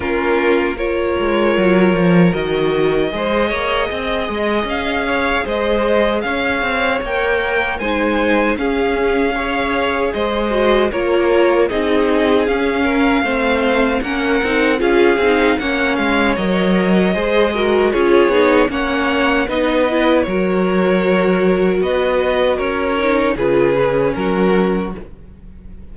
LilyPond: <<
  \new Staff \with { instrumentName = "violin" } { \time 4/4 \tempo 4 = 77 ais'4 cis''2 dis''4~ | dis''2 f''4 dis''4 | f''4 g''4 gis''4 f''4~ | f''4 dis''4 cis''4 dis''4 |
f''2 fis''4 f''4 | fis''8 f''8 dis''2 cis''4 | fis''4 dis''4 cis''2 | dis''4 cis''4 b'4 ais'4 | }
  \new Staff \with { instrumentName = "violin" } { \time 4/4 f'4 ais'2. | c''8 cis''8 dis''4. cis''8 c''4 | cis''2 c''4 gis'4 | cis''4 c''4 ais'4 gis'4~ |
gis'8 ais'8 c''4 ais'4 gis'4 | cis''2 c''8 ais'8 gis'4 | cis''4 b'4 ais'2 | b'4 ais'4 gis'4 fis'4 | }
  \new Staff \with { instrumentName = "viola" } { \time 4/4 cis'4 f'2 fis'4 | gis'1~ | gis'4 ais'4 dis'4 cis'4 | gis'4. fis'8 f'4 dis'4 |
cis'4 c'4 cis'8 dis'8 f'8 dis'8 | cis'4 ais'4 gis'8 fis'8 f'8 dis'8 | cis'4 dis'8 e'8 fis'2~ | fis'4. dis'8 f'8 cis'4. | }
  \new Staff \with { instrumentName = "cello" } { \time 4/4 ais4. gis8 fis8 f8 dis4 | gis8 ais8 c'8 gis8 cis'4 gis4 | cis'8 c'8 ais4 gis4 cis'4~ | cis'4 gis4 ais4 c'4 |
cis'4 a4 ais8 c'8 cis'8 c'8 | ais8 gis8 fis4 gis4 cis'8 b8 | ais4 b4 fis2 | b4 cis'4 cis4 fis4 | }
>>